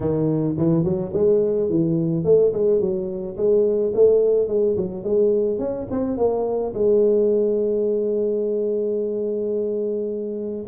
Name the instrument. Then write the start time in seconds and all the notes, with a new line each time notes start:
tuba
0.00 D#3
0.57 E3
0.84 F#3
1.13 G#3
1.69 E3
2.24 A3
2.53 G#3
2.80 F#3
3.36 G#3
3.94 A3
4.48 G#3
4.76 F#3
5.03 G#3
5.58 C#4
5.90 C4
6.17 A#3
6.74 G#3